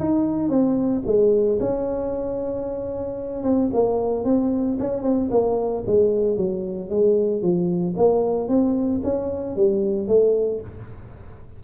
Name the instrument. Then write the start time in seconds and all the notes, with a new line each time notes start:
tuba
0.00 D#4
0.50 C4
1.06 G#3
1.61 C#4
3.44 C4
3.73 A#3
4.25 C4
4.80 C#4
5.03 C4
5.31 A#3
5.87 G#3
6.37 F#3
6.90 G#3
7.42 F3
7.97 A#3
8.49 C4
9.04 C#4
9.56 G3
10.08 A3